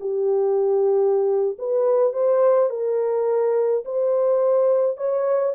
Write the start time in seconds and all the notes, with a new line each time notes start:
0.00 G4
1.59 B4
2.13 C5
2.70 A#4
3.85 C5
4.97 C#5